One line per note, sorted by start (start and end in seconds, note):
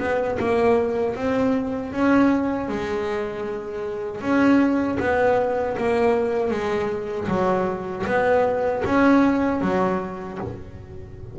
0.00 0.38 B3
0.40 1.16 A#3
1.16 1.93 C4
1.93 2.69 C#4
2.69 4.22 G#3
4.22 4.99 C#4
5.00 5.77 B3
5.78 6.51 A#3
6.51 7.28 G#3
7.29 8.06 F#3
8.07 8.84 B3
8.86 9.62 C#4
9.62 10.39 F#3